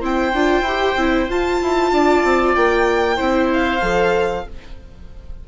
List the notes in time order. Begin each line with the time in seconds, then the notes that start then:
0.00 C4 E4 C5 G5
0.33 D4 F4
0.61 E4 G4
0.96 C4 E4
1.29 F4 A5
1.61 E4
1.92 D4 D5
2.24 C4
2.55 A#3 G5
3.16 C4 E4 C5
3.53 F5
3.81 F3 A4